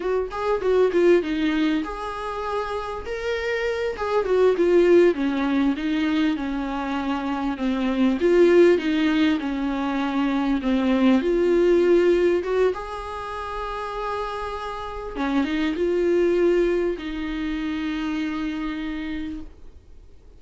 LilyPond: \new Staff \with { instrumentName = "viola" } { \time 4/4 \tempo 4 = 99 fis'8 gis'8 fis'8 f'8 dis'4 gis'4~ | gis'4 ais'4. gis'8 fis'8 f'8~ | f'8 cis'4 dis'4 cis'4.~ | cis'8 c'4 f'4 dis'4 cis'8~ |
cis'4. c'4 f'4.~ | f'8 fis'8 gis'2.~ | gis'4 cis'8 dis'8 f'2 | dis'1 | }